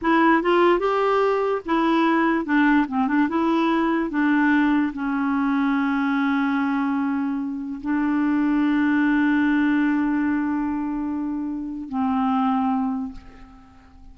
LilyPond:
\new Staff \with { instrumentName = "clarinet" } { \time 4/4 \tempo 4 = 146 e'4 f'4 g'2 | e'2 d'4 c'8 d'8 | e'2 d'2 | cis'1~ |
cis'2. d'4~ | d'1~ | d'1~ | d'4 c'2. | }